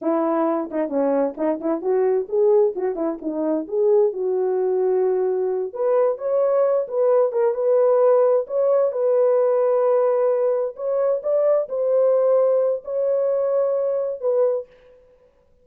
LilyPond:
\new Staff \with { instrumentName = "horn" } { \time 4/4 \tempo 4 = 131 e'4. dis'8 cis'4 dis'8 e'8 | fis'4 gis'4 fis'8 e'8 dis'4 | gis'4 fis'2.~ | fis'8 b'4 cis''4. b'4 |
ais'8 b'2 cis''4 b'8~ | b'2.~ b'8 cis''8~ | cis''8 d''4 c''2~ c''8 | cis''2. b'4 | }